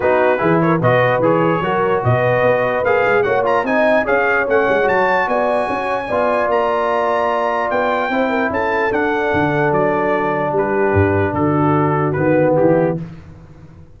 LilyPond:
<<
  \new Staff \with { instrumentName = "trumpet" } { \time 4/4 \tempo 4 = 148 b'4. cis''8 dis''4 cis''4~ | cis''4 dis''2 f''4 | fis''8 ais''8 gis''4 f''4 fis''4 | a''4 gis''2. |
ais''2. g''4~ | g''4 a''4 fis''2 | d''2 b'2 | a'2 b'4 g'4 | }
  \new Staff \with { instrumentName = "horn" } { \time 4/4 fis'4 gis'8 ais'8 b'2 | ais'4 b'2. | cis''4 dis''4 cis''2~ | cis''4 d''4 cis''4 d''4~ |
d''1 | c''8 ais'8 a'2.~ | a'2 g'2 | fis'2. e'4 | }
  \new Staff \with { instrumentName = "trombone" } { \time 4/4 dis'4 e'4 fis'4 gis'4 | fis'2. gis'4 | fis'8 f'8 dis'4 gis'4 cis'4 | fis'2. f'4~ |
f'1 | e'2 d'2~ | d'1~ | d'2 b2 | }
  \new Staff \with { instrumentName = "tuba" } { \time 4/4 b4 e4 b,4 e4 | fis4 b,4 b4 ais8 gis8 | ais4 c'4 cis'4 a8 gis8 | fis4 b4 cis'4 b4 |
ais2. b4 | c'4 cis'4 d'4 d4 | fis2 g4 g,4 | d2 dis4 e4 | }
>>